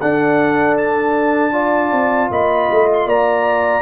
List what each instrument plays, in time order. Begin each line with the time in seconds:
0.00 trombone D4, tuba D4, horn A4, trumpet F#5
0.78 trumpet A5
1.52 trombone F4, horn D5
1.92 tuba C4
2.32 tuba A#3, horn D#5, trumpet B5
2.71 tuba A3
2.94 trumpet C6
3.06 tuba A#3, horn D5, trumpet A#5